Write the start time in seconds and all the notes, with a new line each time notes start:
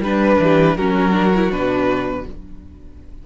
0.00 G3 D4 B4
0.07 B4
0.40 E3 G4
0.77 F#3 C#4 F#4 A#4
1.13 D4
1.36 E4
1.51 B2 D4 B4